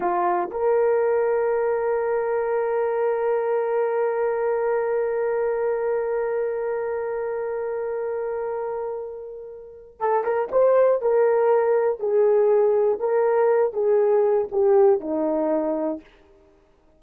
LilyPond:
\new Staff \with { instrumentName = "horn" } { \time 4/4 \tempo 4 = 120 f'4 ais'2.~ | ais'1~ | ais'1~ | ais'1~ |
ais'1 | a'8 ais'8 c''4 ais'2 | gis'2 ais'4. gis'8~ | gis'4 g'4 dis'2 | }